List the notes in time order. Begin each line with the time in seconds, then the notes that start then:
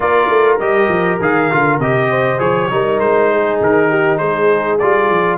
0.00 A#3 F4 A#4 D5
0.28 A3
0.59 G3 G4 D#5
0.88 F3
1.20 D#3 G#4 F5
1.51 D3 F4
1.78 C3 G4 D#5
2.10 C5
2.38 F3 G#4 C#5
2.69 G3 D#4 A#4
2.99 G#3 C5
3.31 G#4
3.60 D#3 A#4
3.89 G4
4.17 G#3 G#4 C5
4.78 G3 F4 D5
5.10 F3